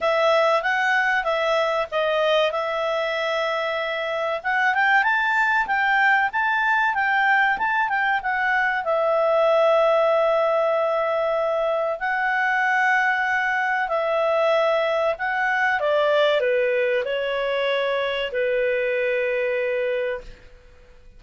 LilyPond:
\new Staff \with { instrumentName = "clarinet" } { \time 4/4 \tempo 4 = 95 e''4 fis''4 e''4 dis''4 | e''2. fis''8 g''8 | a''4 g''4 a''4 g''4 | a''8 g''8 fis''4 e''2~ |
e''2. fis''4~ | fis''2 e''2 | fis''4 d''4 b'4 cis''4~ | cis''4 b'2. | }